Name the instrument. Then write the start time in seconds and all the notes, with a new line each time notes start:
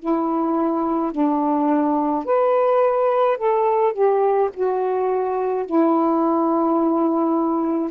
saxophone
0.00 E4
1.12 D4
2.25 B4
3.38 A4
3.94 G4
4.54 F#4
5.67 E4